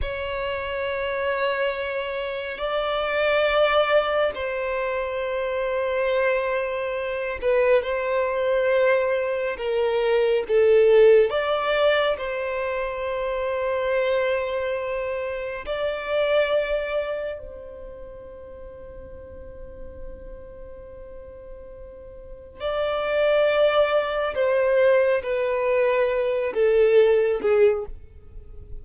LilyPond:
\new Staff \with { instrumentName = "violin" } { \time 4/4 \tempo 4 = 69 cis''2. d''4~ | d''4 c''2.~ | c''8 b'8 c''2 ais'4 | a'4 d''4 c''2~ |
c''2 d''2 | c''1~ | c''2 d''2 | c''4 b'4. a'4 gis'8 | }